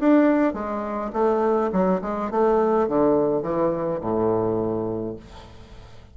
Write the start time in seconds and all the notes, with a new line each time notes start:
0.00 D4
0.54 G#3
1.13 A3
1.73 F#3
2.02 G#3
2.31 A3
2.88 D3
3.43 E3
4.01 A2